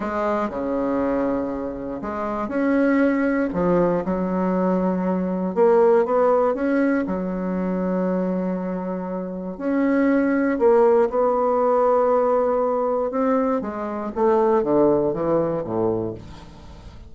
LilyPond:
\new Staff \with { instrumentName = "bassoon" } { \time 4/4 \tempo 4 = 119 gis4 cis2. | gis4 cis'2 f4 | fis2. ais4 | b4 cis'4 fis2~ |
fis2. cis'4~ | cis'4 ais4 b2~ | b2 c'4 gis4 | a4 d4 e4 a,4 | }